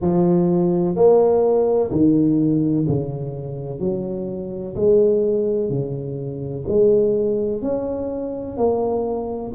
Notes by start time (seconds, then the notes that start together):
0.01 F3
0.95 A#3
1.91 D#3
2.88 C#3
3.79 F#3
4.75 G#3
5.69 C#3
6.68 G#3
7.62 C#4
8.57 A#3